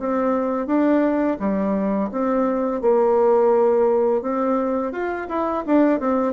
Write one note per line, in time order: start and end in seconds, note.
0.00 0.67 C4
0.67 1.38 D4
1.40 2.10 G3
2.12 2.82 C4
2.82 4.22 A#3
4.22 4.93 C4
4.93 5.28 F4
5.29 5.64 E4
5.67 6.00 D4
6.00 6.34 C4